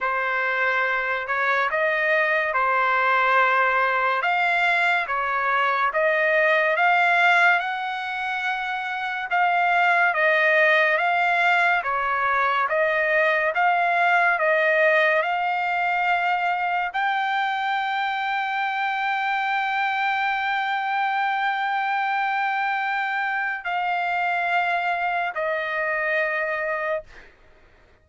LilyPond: \new Staff \with { instrumentName = "trumpet" } { \time 4/4 \tempo 4 = 71 c''4. cis''8 dis''4 c''4~ | c''4 f''4 cis''4 dis''4 | f''4 fis''2 f''4 | dis''4 f''4 cis''4 dis''4 |
f''4 dis''4 f''2 | g''1~ | g''1 | f''2 dis''2 | }